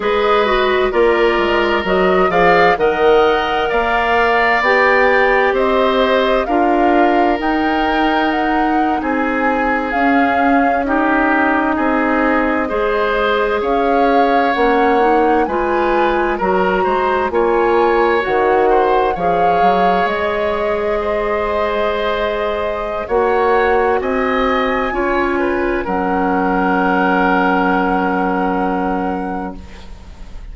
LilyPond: <<
  \new Staff \with { instrumentName = "flute" } { \time 4/4 \tempo 4 = 65 dis''4 d''4 dis''8 f''8 fis''4 | f''4 g''4 dis''4 f''4 | g''4 fis''8. gis''4 f''4 dis''16~ | dis''2~ dis''8. f''4 fis''16~ |
fis''8. gis''4 ais''4 gis''4 fis''16~ | fis''8. f''4 dis''2~ dis''16~ | dis''4 fis''4 gis''2 | fis''1 | }
  \new Staff \with { instrumentName = "oboe" } { \time 4/4 b'4 ais'4. d''8 dis''4 | d''2 c''4 ais'4~ | ais'4.~ ais'16 gis'2 g'16~ | g'8. gis'4 c''4 cis''4~ cis''16~ |
cis''8. b'4 ais'8 c''8 cis''4~ cis''16~ | cis''16 c''8 cis''2 c''4~ c''16~ | c''4 cis''4 dis''4 cis''8 b'8 | ais'1 | }
  \new Staff \with { instrumentName = "clarinet" } { \time 4/4 gis'8 fis'8 f'4 fis'8 gis'8 ais'4~ | ais'4 g'2 f'4 | dis'2~ dis'8. cis'4 dis'16~ | dis'4.~ dis'16 gis'2 cis'16~ |
cis'16 dis'8 f'4 fis'4 f'4 fis'16~ | fis'8. gis'2.~ gis'16~ | gis'4 fis'2 f'4 | cis'1 | }
  \new Staff \with { instrumentName = "bassoon" } { \time 4/4 gis4 ais8 gis8 fis8 f8 dis4 | ais4 b4 c'4 d'4 | dis'4.~ dis'16 c'4 cis'4~ cis'16~ | cis'8. c'4 gis4 cis'4 ais16~ |
ais8. gis4 fis8 gis8 ais4 dis16~ | dis8. f8 fis8 gis2~ gis16~ | gis4 ais4 c'4 cis'4 | fis1 | }
>>